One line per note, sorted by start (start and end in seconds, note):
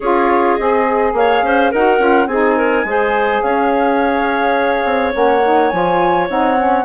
0.00 0.58 C#4
0.00 0.59 F4
0.00 1.13 G#4
0.00 0.55 C#5
0.55 1.13 C4
0.55 1.73 G#4
0.55 1.12 D#5
1.13 1.42 A#3
1.13 1.44 C#5
1.13 1.72 F5
1.42 1.71 C#4
1.42 1.71 C5
1.71 1.99 D#4
1.71 1.98 F#4
1.71 2.28 A#4
1.71 2.27 F#5
1.98 2.27 C#4
1.98 2.27 F4
2.27 2.84 C4
2.27 2.86 D#4
2.27 2.56 G#4
2.27 3.41 G#5
2.56 2.84 A#4
2.84 3.41 G#3
2.84 5.12 G#4
2.84 3.43 C5
3.42 4.84 C#4
3.42 6.85 C#5
3.42 5.13 F5
4.84 5.13 C4
5.12 5.72 A#3
5.12 5.41 C#4
5.12 5.69 F#5
5.44 5.72 D#4
5.69 6.29 F3
5.69 6.28 F4
5.69 6.26 G#5
6.28 6.85 C4
6.28 6.57 D#4
6.28 6.85 F#5
6.57 6.85 C#4